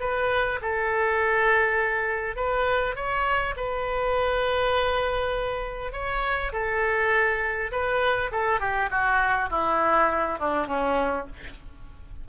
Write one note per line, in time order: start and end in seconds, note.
0.00 0.59 B4
0.61 2.36 A4
2.36 2.95 B4
2.95 3.55 C#5
3.56 5.92 B4
5.92 6.52 C#5
6.52 7.71 A4
7.71 8.31 B4
8.31 8.60 A4
8.60 8.89 G4
8.90 9.49 F#4
9.50 10.39 E4
10.39 10.67 D4
10.67 11.26 C#4